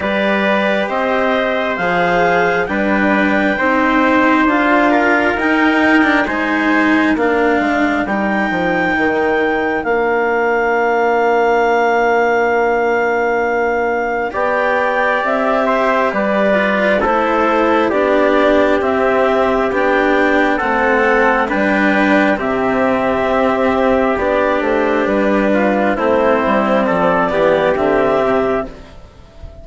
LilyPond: <<
  \new Staff \with { instrumentName = "clarinet" } { \time 4/4 \tempo 4 = 67 d''4 dis''4 f''4 g''4~ | g''4 f''4 g''4 gis''4 | f''4 g''2 f''4~ | f''1 |
g''4 e''4 d''4 c''4 | d''4 e''4 g''4 fis''4 | g''4 e''2 d''8 c''8 | b'4 c''4 d''4 e''4 | }
  \new Staff \with { instrumentName = "trumpet" } { \time 4/4 b'4 c''2 b'4 | c''4. ais'4. c''4 | ais'1~ | ais'1 |
d''4. c''8 b'4 a'4 | g'2. a'4 | b'4 g'2.~ | g'8 f'8 e'4 a'8 g'4. | }
  \new Staff \with { instrumentName = "cello" } { \time 4/4 g'2 gis'4 d'4 | dis'4 f'4 dis'8. d'16 dis'4 | d'4 dis'2 d'4~ | d'1 |
g'2~ g'8 f'8 e'4 | d'4 c'4 d'4 c'4 | d'4 c'2 d'4~ | d'4 c'4. b8 c'4 | }
  \new Staff \with { instrumentName = "bassoon" } { \time 4/4 g4 c'4 f4 g4 | c'4 d'4 dis'4 gis4 | ais8 gis8 g8 f8 dis4 ais4~ | ais1 |
b4 c'4 g4 a4 | b4 c'4 b4 a4 | g4 c4 c'4 b8 a8 | g4 a8 g8 f8 e8 d8 c8 | }
>>